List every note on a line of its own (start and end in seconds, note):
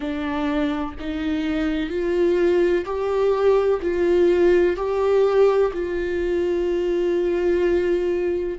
0.00 0.94 D4
0.99 1.89 D#4
1.89 2.84 F4
2.85 3.80 G4
3.82 4.76 F4
4.76 5.71 G4
5.73 8.58 F4